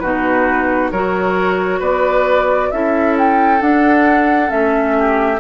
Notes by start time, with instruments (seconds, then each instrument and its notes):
0.00 bassoon B2, clarinet D#4, oboe F#4, flute B4
0.92 bassoon F#3, clarinet F#4, oboe A#4, flute C#5
1.79 bassoon B3, oboe B4, flute D5
2.71 bassoon C#4, clarinet E4, oboe A4, flute E5
3.18 flute G5
3.61 clarinet D4, bassoon D4, flute F#5
4.48 bassoon A3, clarinet C#4, flute E5
4.99 oboe G4